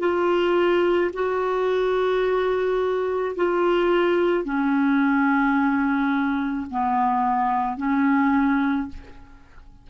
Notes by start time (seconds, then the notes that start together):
0.00 F4
1.14 F#4
3.36 F4
4.45 C#4
6.71 B3
7.78 C#4